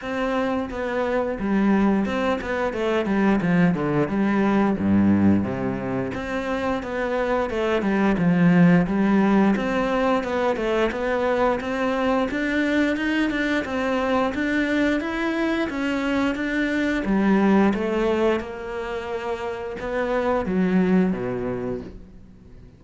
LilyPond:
\new Staff \with { instrumentName = "cello" } { \time 4/4 \tempo 4 = 88 c'4 b4 g4 c'8 b8 | a8 g8 f8 d8 g4 g,4 | c4 c'4 b4 a8 g8 | f4 g4 c'4 b8 a8 |
b4 c'4 d'4 dis'8 d'8 | c'4 d'4 e'4 cis'4 | d'4 g4 a4 ais4~ | ais4 b4 fis4 b,4 | }